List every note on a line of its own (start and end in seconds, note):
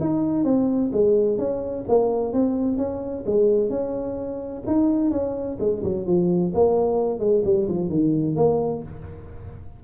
0.00 0.44 D#4
0.44 0.90 C4
0.92 1.38 G#3
1.38 1.85 C#4
1.88 2.33 A#3
2.33 2.77 C4
2.77 3.24 C#4
3.26 3.70 G#3
3.70 4.63 C#4
4.66 5.11 D#4
5.11 5.57 C#4
5.60 5.83 G#3
5.83 6.06 F#3
6.06 6.52 F3
6.54 7.19 A#3
7.19 7.42 G#3
7.44 7.67 G3
7.68 7.89 F3
7.89 8.36 D#3
8.36 8.82 A#3